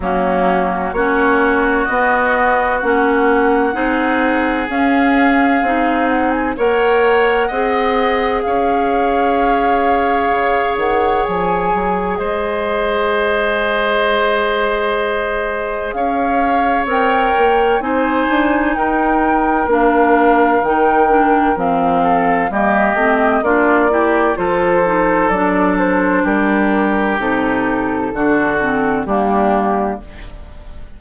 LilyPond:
<<
  \new Staff \with { instrumentName = "flute" } { \time 4/4 \tempo 4 = 64 fis'4 cis''4 dis''4 fis''4~ | fis''4 f''4. fis''16 gis''16 fis''4~ | fis''4 f''2~ f''8 fis''8 | gis''4 dis''2.~ |
dis''4 f''4 g''4 gis''4 | g''4 f''4 g''4 f''4 | dis''4 d''4 c''4 d''8 c''8 | ais'4 a'2 g'4 | }
  \new Staff \with { instrumentName = "oboe" } { \time 4/4 cis'4 fis'2. | gis'2. cis''4 | dis''4 cis''2.~ | cis''4 c''2.~ |
c''4 cis''2 c''4 | ais'2.~ ais'8 a'8 | g'4 f'8 g'8 a'2 | g'2 fis'4 d'4 | }
  \new Staff \with { instrumentName = "clarinet" } { \time 4/4 ais4 cis'4 b4 cis'4 | dis'4 cis'4 dis'4 ais'4 | gis'1~ | gis'1~ |
gis'2 ais'4 dis'4~ | dis'4 d'4 dis'8 d'8 c'4 | ais8 c'8 d'8 e'8 f'8 dis'8 d'4~ | d'4 dis'4 d'8 c'8 ais4 | }
  \new Staff \with { instrumentName = "bassoon" } { \time 4/4 fis4 ais4 b4 ais4 | c'4 cis'4 c'4 ais4 | c'4 cis'2 cis8 dis8 | f8 fis8 gis2.~ |
gis4 cis'4 c'8 ais8 c'8 d'8 | dis'4 ais4 dis4 f4 | g8 a8 ais4 f4 fis4 | g4 c4 d4 g4 | }
>>